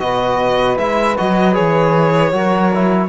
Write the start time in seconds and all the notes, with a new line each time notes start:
0.00 B2 F#4 B4 D#5
0.77 G#3 E4 E5
1.18 F#3 F#4 D#5
1.54 E3 G#4 C#5
2.32 F#3 F#4 A#4
2.75 E4